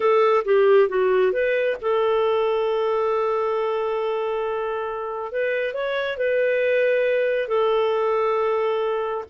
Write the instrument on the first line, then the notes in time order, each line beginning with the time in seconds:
clarinet
0.00 A4
0.44 G4
0.88 F#4
1.32 B4
1.81 A4
5.31 B4
5.73 C#5
6.17 B4
7.47 A4